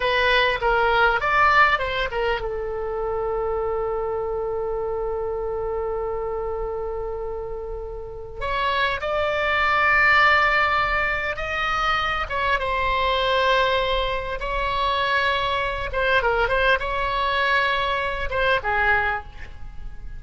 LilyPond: \new Staff \with { instrumentName = "oboe" } { \time 4/4 \tempo 4 = 100 b'4 ais'4 d''4 c''8 ais'8 | a'1~ | a'1~ | a'2 cis''4 d''4~ |
d''2. dis''4~ | dis''8 cis''8 c''2. | cis''2~ cis''8 c''8 ais'8 c''8 | cis''2~ cis''8 c''8 gis'4 | }